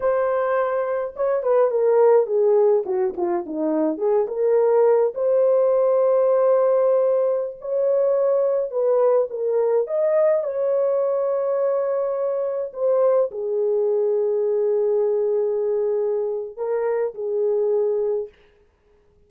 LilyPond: \new Staff \with { instrumentName = "horn" } { \time 4/4 \tempo 4 = 105 c''2 cis''8 b'8 ais'4 | gis'4 fis'8 f'8 dis'4 gis'8 ais'8~ | ais'4 c''2.~ | c''4~ c''16 cis''2 b'8.~ |
b'16 ais'4 dis''4 cis''4.~ cis''16~ | cis''2~ cis''16 c''4 gis'8.~ | gis'1~ | gis'4 ais'4 gis'2 | }